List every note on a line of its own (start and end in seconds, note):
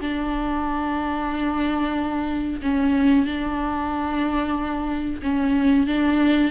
0.00 2.61 D4
2.62 3.25 C#4
3.25 5.21 D4
5.22 5.87 C#4
5.87 6.51 D4